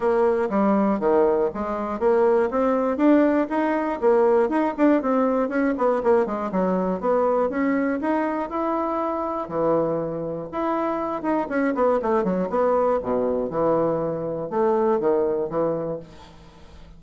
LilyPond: \new Staff \with { instrumentName = "bassoon" } { \time 4/4 \tempo 4 = 120 ais4 g4 dis4 gis4 | ais4 c'4 d'4 dis'4 | ais4 dis'8 d'8 c'4 cis'8 b8 | ais8 gis8 fis4 b4 cis'4 |
dis'4 e'2 e4~ | e4 e'4. dis'8 cis'8 b8 | a8 fis8 b4 b,4 e4~ | e4 a4 dis4 e4 | }